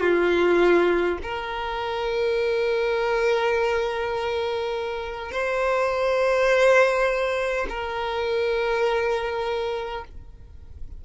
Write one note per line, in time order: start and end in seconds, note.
0.00 1.18 F4
1.23 5.32 A#4
5.32 7.67 C5
7.69 10.04 A#4